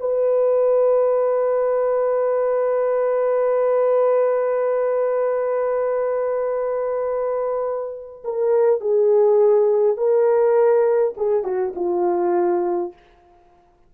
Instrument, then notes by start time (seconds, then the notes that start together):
horn
0.00 B4
8.25 A#4
8.81 G#4
9.97 A#4
11.17 G#4
11.44 F#4
11.76 F4